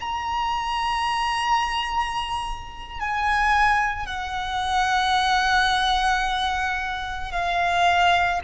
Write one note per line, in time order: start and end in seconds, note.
0.00 3.00 A#5
3.00 4.06 G#5
4.06 7.31 F#5
7.31 8.40 F5